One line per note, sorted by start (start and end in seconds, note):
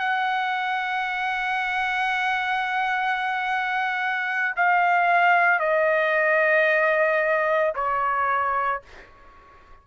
0.00 4.55 F#5
4.57 5.60 F5
5.60 7.74 D#5
7.75 8.82 C#5